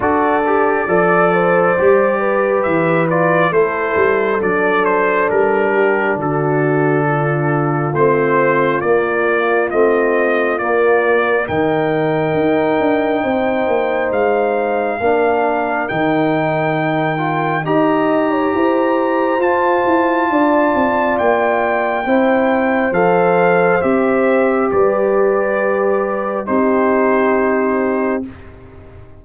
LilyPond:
<<
  \new Staff \with { instrumentName = "trumpet" } { \time 4/4 \tempo 4 = 68 d''2. e''8 d''8 | c''4 d''8 c''8 ais'4 a'4~ | a'4 c''4 d''4 dis''4 | d''4 g''2. |
f''2 g''2 | ais''2 a''2 | g''2 f''4 e''4 | d''2 c''2 | }
  \new Staff \with { instrumentName = "horn" } { \time 4/4 a'4 d''8 c''4 b'4. | a'2~ a'8 g'8 fis'4 | f'1~ | f'4 ais'2 c''4~ |
c''4 ais'2. | dis''8. cis''16 c''2 d''4~ | d''4 c''2. | b'2 g'2 | }
  \new Staff \with { instrumentName = "trombone" } { \time 4/4 fis'8 g'8 a'4 g'4. f'8 | e'4 d'2.~ | d'4 c'4 ais4 c'4 | ais4 dis'2.~ |
dis'4 d'4 dis'4. f'8 | g'2 f'2~ | f'4 e'4 a'4 g'4~ | g'2 dis'2 | }
  \new Staff \with { instrumentName = "tuba" } { \time 4/4 d'4 f4 g4 e4 | a8 g8 fis4 g4 d4~ | d4 a4 ais4 a4 | ais4 dis4 dis'8 d'8 c'8 ais8 |
gis4 ais4 dis2 | dis'4 e'4 f'8 e'8 d'8 c'8 | ais4 c'4 f4 c'4 | g2 c'2 | }
>>